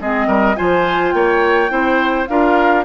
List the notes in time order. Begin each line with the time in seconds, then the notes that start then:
0.00 G#3 C4 G#4 D#5
0.27 G3 A#4
0.55 F3 F4 C5 G#5
1.12 A#3 C#5 G5
1.69 C4 E4 C5
2.27 D4 F4 A#4 F5